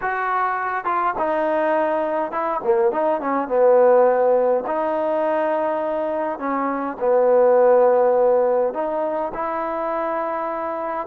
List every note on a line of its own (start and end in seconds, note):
0.01 0.84 F#4
0.84 1.14 F4
1.18 2.31 D#4
2.31 2.60 E4
2.63 2.91 A#3
2.91 3.20 D#4
3.20 3.48 C#4
3.48 4.64 B3
4.67 6.39 D#4
6.39 6.97 C#4
6.99 8.73 B3
8.73 9.32 D#4
9.34 11.07 E4